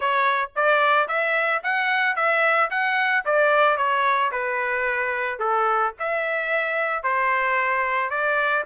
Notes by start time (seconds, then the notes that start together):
0.00 C#5
0.55 D5
1.08 E5
1.63 F#5
2.15 E5
2.70 F#5
3.25 D5
3.77 C#5
4.31 B4
5.39 A4
5.99 E5
7.03 C5
8.10 D5